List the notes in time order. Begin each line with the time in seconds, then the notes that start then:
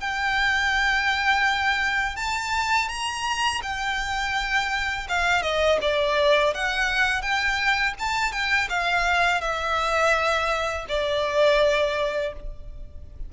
0.00 G5
2.16 A5
2.88 A#5
3.62 G5
5.08 F5
5.42 D#5
5.81 D5
6.54 F#5
7.21 G5
7.98 A5
8.32 G5
8.69 F5
9.41 E5
10.88 D5